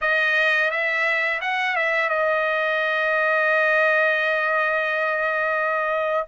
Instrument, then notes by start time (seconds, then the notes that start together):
trumpet
0.01 D#5
0.70 E5
1.41 F#5
1.75 E5
2.09 D#5